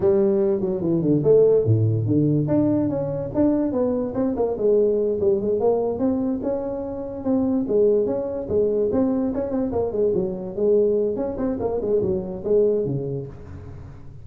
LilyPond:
\new Staff \with { instrumentName = "tuba" } { \time 4/4 \tempo 4 = 145 g4. fis8 e8 d8 a4 | a,4 d4 d'4 cis'4 | d'4 b4 c'8 ais8 gis4~ | gis8 g8 gis8 ais4 c'4 cis'8~ |
cis'4. c'4 gis4 cis'8~ | cis'8 gis4 c'4 cis'8 c'8 ais8 | gis8 fis4 gis4. cis'8 c'8 | ais8 gis8 fis4 gis4 cis4 | }